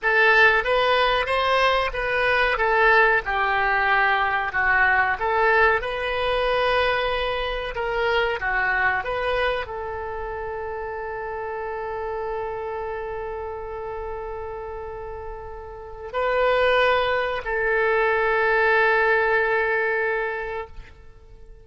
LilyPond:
\new Staff \with { instrumentName = "oboe" } { \time 4/4 \tempo 4 = 93 a'4 b'4 c''4 b'4 | a'4 g'2 fis'4 | a'4 b'2. | ais'4 fis'4 b'4 a'4~ |
a'1~ | a'1~ | a'4 b'2 a'4~ | a'1 | }